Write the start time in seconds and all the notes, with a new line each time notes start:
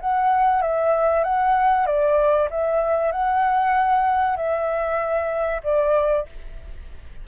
0.00 F#5
0.61 E5
1.23 F#5
1.86 D5
2.50 E5
3.11 F#5
4.36 E5
5.63 D5